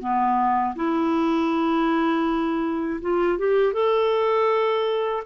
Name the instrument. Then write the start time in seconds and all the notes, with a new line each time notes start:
clarinet
0.00 B3
0.75 E4
3.01 F4
3.39 G4
3.73 A4